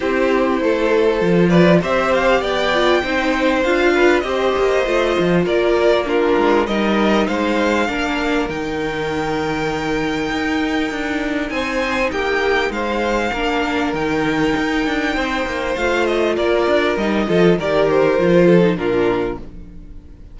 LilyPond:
<<
  \new Staff \with { instrumentName = "violin" } { \time 4/4 \tempo 4 = 99 c''2~ c''8 d''8 e''8 f''8 | g''2 f''4 dis''4~ | dis''4 d''4 ais'4 dis''4 | f''2 g''2~ |
g''2. gis''4 | g''4 f''2 g''4~ | g''2 f''8 dis''8 d''4 | dis''4 d''8 c''4. ais'4 | }
  \new Staff \with { instrumentName = "violin" } { \time 4/4 g'4 a'4. b'8 c''4 | d''4 c''4. b'8 c''4~ | c''4 ais'4 f'4 ais'4 | c''4 ais'2.~ |
ais'2. c''4 | g'4 c''4 ais'2~ | ais'4 c''2 ais'4~ | ais'8 a'8 ais'4. a'8 f'4 | }
  \new Staff \with { instrumentName = "viola" } { \time 4/4 e'2 f'4 g'4~ | g'8 f'8 dis'4 f'4 g'4 | f'2 d'4 dis'4~ | dis'4 d'4 dis'2~ |
dis'1~ | dis'2 d'4 dis'4~ | dis'2 f'2 | dis'8 f'8 g'4 f'8. dis'16 d'4 | }
  \new Staff \with { instrumentName = "cello" } { \time 4/4 c'4 a4 f4 c'4 | b4 c'4 d'4 c'8 ais8 | a8 f8 ais4. gis8 g4 | gis4 ais4 dis2~ |
dis4 dis'4 d'4 c'4 | ais4 gis4 ais4 dis4 | dis'8 d'8 c'8 ais8 a4 ais8 d'8 | g8 f8 dis4 f4 ais,4 | }
>>